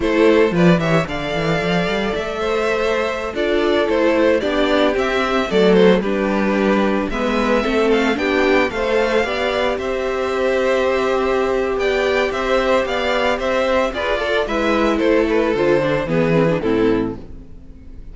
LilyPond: <<
  \new Staff \with { instrumentName = "violin" } { \time 4/4 \tempo 4 = 112 c''4 d''8 e''8 f''2 | e''2~ e''16 d''4 c''8.~ | c''16 d''4 e''4 d''8 c''8 b'8.~ | b'4~ b'16 e''4. f''8 g''8.~ |
g''16 f''2 e''4.~ e''16~ | e''2 g''4 e''4 | f''4 e''4 d''4 e''4 | c''8 b'8 c''4 b'4 a'4 | }
  \new Staff \with { instrumentName = "violin" } { \time 4/4 a'4 b'8 cis''8 d''2~ | d''8 c''4.~ c''16 a'4.~ a'16~ | a'16 g'2 a'4 g'8.~ | g'4~ g'16 b'4 a'4 g'8.~ |
g'16 c''4 d''4 c''4.~ c''16~ | c''2 d''4 c''4 | d''4 c''4 b'8 a'8 b'4 | a'2 gis'4 e'4 | }
  \new Staff \with { instrumentName = "viola" } { \time 4/4 e'4 f'8 g'8 a'2~ | a'2~ a'16 f'4 e'8.~ | e'16 d'4 c'4 a4 d'8.~ | d'4~ d'16 b4 c'4 d'8.~ |
d'16 a'4 g'2~ g'8.~ | g'1~ | g'2 gis'8 a'8 e'4~ | e'4 f'8 d'8 b8 c'16 d'16 c'4 | }
  \new Staff \with { instrumentName = "cello" } { \time 4/4 a4 f8 e8 d8 e8 f8 g8 | a2~ a16 d'4 a8.~ | a16 b4 c'4 fis4 g8.~ | g4~ g16 gis4 a4 b8.~ |
b16 a4 b4 c'4.~ c'16~ | c'2 b4 c'4 | b4 c'4 f'4 gis4 | a4 d4 e4 a,4 | }
>>